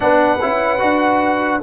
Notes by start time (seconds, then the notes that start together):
0.00 B3 D4 B4 F#5
0.41 C#4 E4
0.79 D4 F#4